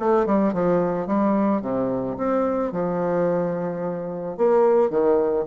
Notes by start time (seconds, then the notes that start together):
0.00 A3
0.27 G3
0.54 F3
1.07 G3
1.62 C3
2.17 C4
2.72 F3
4.38 A#3
4.90 D#3